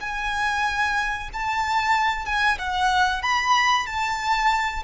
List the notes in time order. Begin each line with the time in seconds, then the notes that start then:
0.00 G#5
1.33 A5
2.26 G#5
2.58 F#5
3.22 B5
3.86 A5